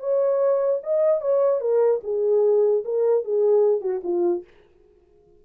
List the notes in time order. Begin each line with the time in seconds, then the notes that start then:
0.00 C#5
0.83 D#5
1.21 C#5
1.61 A#4
2.04 G#4
2.85 A#4
3.25 G#4
3.81 F#4
4.04 F4